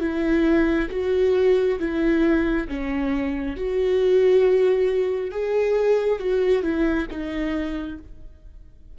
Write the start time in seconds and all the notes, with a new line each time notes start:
0.00 E4
0.91 F#4
1.79 E4
2.68 C#4
3.57 F#4
5.31 G#4
6.20 F#4
6.63 E4
7.10 D#4